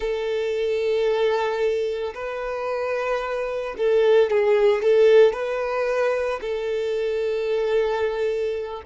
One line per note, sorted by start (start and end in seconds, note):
0.00 2.13 A4
2.14 3.75 B4
3.77 4.30 A4
4.30 4.82 G#4
4.82 5.33 A4
5.33 6.40 B4
6.41 8.82 A4